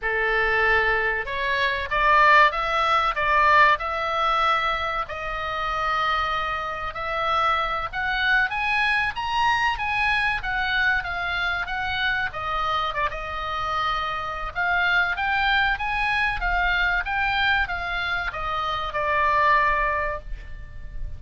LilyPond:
\new Staff \with { instrumentName = "oboe" } { \time 4/4 \tempo 4 = 95 a'2 cis''4 d''4 | e''4 d''4 e''2 | dis''2. e''4~ | e''8 fis''4 gis''4 ais''4 gis''8~ |
gis''8 fis''4 f''4 fis''4 dis''8~ | dis''8 d''16 dis''2~ dis''16 f''4 | g''4 gis''4 f''4 g''4 | f''4 dis''4 d''2 | }